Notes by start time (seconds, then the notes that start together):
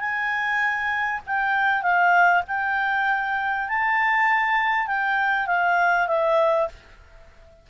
0.00 G#5
1.27 G5
1.82 F5
2.48 G5
3.69 A5
4.87 G5
5.47 F5
6.08 E5